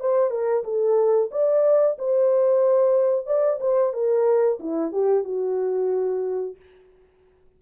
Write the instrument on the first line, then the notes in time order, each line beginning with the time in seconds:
horn
0.00 C5
0.30 A#4
0.64 A4
1.31 D5
1.98 C5
3.26 D5
3.60 C5
3.93 A#4
4.59 E4
4.92 G4
5.24 F#4